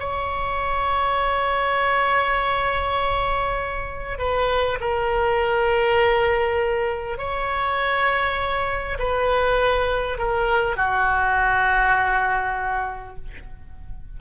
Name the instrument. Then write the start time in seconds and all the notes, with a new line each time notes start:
oboe
0.00 C#5
4.19 B4
4.81 A#4
7.18 C#5
8.99 B4
10.19 A#4
10.77 F#4